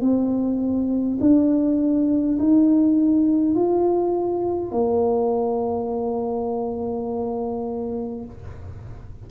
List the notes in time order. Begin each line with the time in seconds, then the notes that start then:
0.00 C4
1.20 D4
2.39 D#4
3.55 F4
4.71 A#3